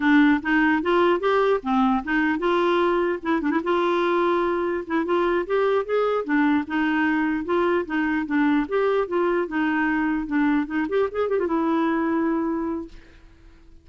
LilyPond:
\new Staff \with { instrumentName = "clarinet" } { \time 4/4 \tempo 4 = 149 d'4 dis'4 f'4 g'4 | c'4 dis'4 f'2 | e'8 d'16 e'16 f'2. | e'8 f'4 g'4 gis'4 d'8~ |
d'8 dis'2 f'4 dis'8~ | dis'8 d'4 g'4 f'4 dis'8~ | dis'4. d'4 dis'8 g'8 gis'8 | g'16 f'16 e'2.~ e'8 | }